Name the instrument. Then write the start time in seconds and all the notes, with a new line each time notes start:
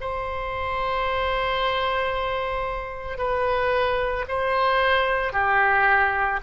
oboe
0.00 C5
3.18 B4
4.28 C5
5.32 G4